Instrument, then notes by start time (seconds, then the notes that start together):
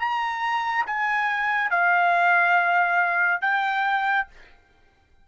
trumpet
0.00 A#5
0.87 G#5
1.71 F5
3.42 G5